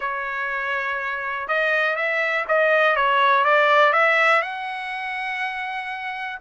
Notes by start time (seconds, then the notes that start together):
0.00 C#5
1.48 D#5
1.96 E5
2.47 D#5
2.96 C#5
3.44 D5
3.92 E5
4.42 F#5